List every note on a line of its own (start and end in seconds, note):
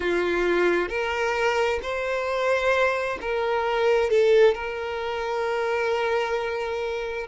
0.00 0.88 F4
0.88 1.79 A#4
1.82 3.18 C5
3.21 4.10 A#4
4.10 4.54 A4
4.54 7.27 A#4